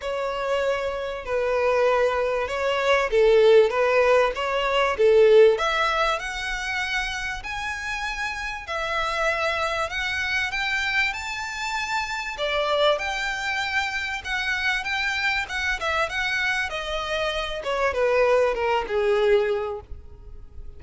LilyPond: \new Staff \with { instrumentName = "violin" } { \time 4/4 \tempo 4 = 97 cis''2 b'2 | cis''4 a'4 b'4 cis''4 | a'4 e''4 fis''2 | gis''2 e''2 |
fis''4 g''4 a''2 | d''4 g''2 fis''4 | g''4 fis''8 e''8 fis''4 dis''4~ | dis''8 cis''8 b'4 ais'8 gis'4. | }